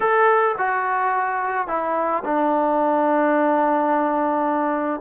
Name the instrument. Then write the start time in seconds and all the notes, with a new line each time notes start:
trombone
0.00 A4
0.58 F#4
1.67 E4
2.24 D4